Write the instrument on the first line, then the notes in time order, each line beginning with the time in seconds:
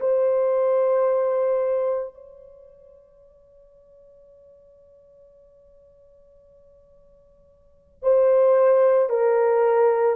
horn
0.00 C5
2.14 C#5
8.03 C5
9.10 A#4